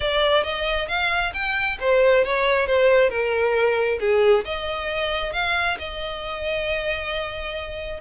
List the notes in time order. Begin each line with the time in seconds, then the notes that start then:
0.00 D5
0.43 D#5
0.88 F5
1.33 G5
1.80 C5
2.24 C#5
2.66 C5
3.09 A#4
4.00 G#4
4.44 D#5
5.33 F5
5.78 D#5